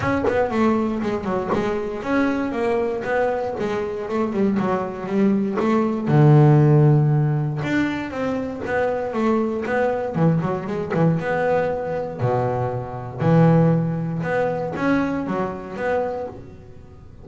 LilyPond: \new Staff \with { instrumentName = "double bass" } { \time 4/4 \tempo 4 = 118 cis'8 b8 a4 gis8 fis8 gis4 | cis'4 ais4 b4 gis4 | a8 g8 fis4 g4 a4 | d2. d'4 |
c'4 b4 a4 b4 | e8 fis8 gis8 e8 b2 | b,2 e2 | b4 cis'4 fis4 b4 | }